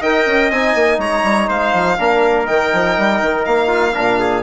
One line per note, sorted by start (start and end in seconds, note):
0.00 0.26 D#4
0.00 0.52 A#4
0.00 0.98 D#5
0.00 0.51 G5
0.26 0.51 C#4
0.51 0.75 C4
0.51 1.98 D#4
0.51 1.00 G#5
0.75 0.98 A#3
0.98 1.23 G#3
0.98 1.48 C#5
0.98 1.49 A#5
1.23 1.48 G3
1.48 1.73 G#3
1.48 1.97 C5
1.48 2.47 F5
1.73 1.98 F3
1.98 2.48 A#3
1.98 2.45 D4
1.98 3.68 A#4
2.45 2.73 D#3
2.45 3.93 D#4
2.45 3.45 G5
2.73 2.97 F3
2.97 3.21 G3
3.21 3.46 D#3
3.45 3.95 A#3
3.45 4.43 F5
3.68 3.92 F4
3.94 4.43 A#2
3.94 4.43 D4
3.94 4.19 A#4
4.19 4.43 G#4